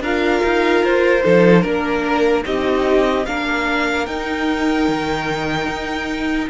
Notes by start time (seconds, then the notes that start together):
0.00 D4 F4 A#4 F5
0.44 D#4
0.83 F4 C5
1.22 F3 D#4 A4
1.61 A#3 D4 A#4
2.43 C4 D#4 G4 D#5
3.25 A#3 D4 A#4 F5
4.06 D#4 G5
4.88 D#3
5.67 D#4